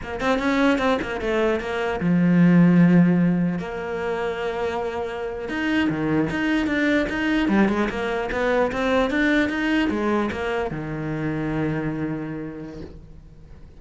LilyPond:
\new Staff \with { instrumentName = "cello" } { \time 4/4 \tempo 4 = 150 ais8 c'8 cis'4 c'8 ais8 a4 | ais4 f2.~ | f4 ais2.~ | ais4.~ ais16 dis'4 dis4 dis'16~ |
dis'8. d'4 dis'4 g8 gis8 ais16~ | ais8. b4 c'4 d'4 dis'16~ | dis'8. gis4 ais4 dis4~ dis16~ | dis1 | }